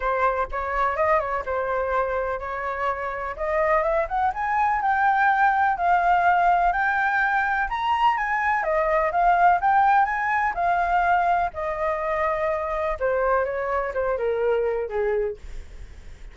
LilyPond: \new Staff \with { instrumentName = "flute" } { \time 4/4 \tempo 4 = 125 c''4 cis''4 dis''8 cis''8 c''4~ | c''4 cis''2 dis''4 | e''8 fis''8 gis''4 g''2 | f''2 g''2 |
ais''4 gis''4 dis''4 f''4 | g''4 gis''4 f''2 | dis''2. c''4 | cis''4 c''8 ais'4. gis'4 | }